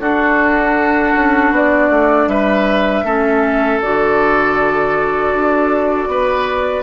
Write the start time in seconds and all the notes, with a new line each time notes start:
0.00 D4 F#4 A4
1.15 C#4
1.51 B3 D5
1.89 A3
2.27 G3 B4 E5
3.03 A3 C#4 A4
3.81 D3 F#4 D5
5.33 D4
6.07 B3 B4